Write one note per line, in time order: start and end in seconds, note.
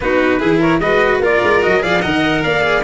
0.00 0.42 B3
0.00 0.40 D#4
0.00 0.39 F#4
0.00 0.58 B4
0.39 0.79 E3
0.39 0.80 E4
0.39 0.59 G#4
0.59 0.79 A#4
0.59 0.79 C#5
0.79 1.19 G#3
0.79 1.22 F#4
0.79 1.22 B4
0.79 1.20 D#5
1.19 1.39 A#3
1.19 1.62 F4
1.19 1.82 A#4
1.19 1.63 D5
1.43 1.63 G#3
1.62 1.83 F#3
1.62 1.79 F#4
1.62 1.82 D#5
1.79 2.04 F3
1.79 2.00 G#4
1.79 2.01 D5
1.79 2.02 F5
2.01 2.44 D#3
2.01 2.61 A#4
2.01 2.41 D#5
2.01 2.42 F#5
2.43 2.83 A#3
2.43 2.83 D5
2.43 2.83 F5
2.61 2.81 G#4